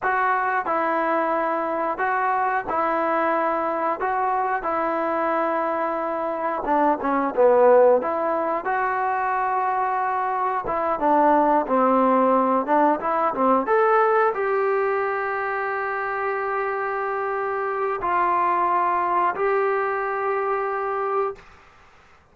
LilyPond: \new Staff \with { instrumentName = "trombone" } { \time 4/4 \tempo 4 = 90 fis'4 e'2 fis'4 | e'2 fis'4 e'4~ | e'2 d'8 cis'8 b4 | e'4 fis'2. |
e'8 d'4 c'4. d'8 e'8 | c'8 a'4 g'2~ g'8~ | g'2. f'4~ | f'4 g'2. | }